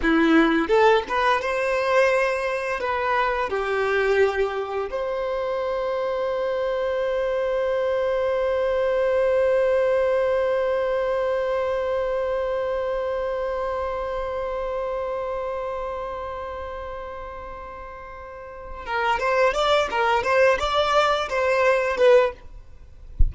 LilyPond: \new Staff \with { instrumentName = "violin" } { \time 4/4 \tempo 4 = 86 e'4 a'8 b'8 c''2 | b'4 g'2 c''4~ | c''1~ | c''1~ |
c''1~ | c''1~ | c''2. ais'8 c''8 | d''8 ais'8 c''8 d''4 c''4 b'8 | }